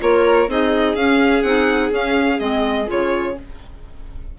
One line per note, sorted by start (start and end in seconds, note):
0.00 0.48 A#3
0.00 0.48 F4
0.00 0.50 A#4
0.00 0.50 C#5
0.48 0.95 C4
0.48 0.96 D#4
0.48 3.38 G#4
0.48 0.96 D#5
0.95 1.43 C#4
0.95 1.44 C#4
0.95 1.42 F5
1.42 1.91 C4
1.42 1.91 D#4
1.42 1.90 F#5
1.91 2.38 C#4
1.91 2.39 C#4
1.91 2.40 F5
2.38 2.88 G#3
2.38 2.86 C4
2.38 2.88 D#5
2.86 3.39 C#3
2.86 3.34 F4
2.86 3.39 C#5